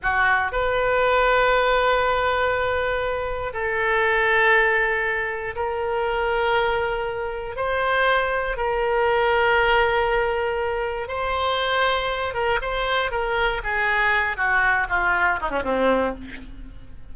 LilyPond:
\new Staff \with { instrumentName = "oboe" } { \time 4/4 \tempo 4 = 119 fis'4 b'2.~ | b'2. a'4~ | a'2. ais'4~ | ais'2. c''4~ |
c''4 ais'2.~ | ais'2 c''2~ | c''8 ais'8 c''4 ais'4 gis'4~ | gis'8 fis'4 f'4 dis'16 cis'16 c'4 | }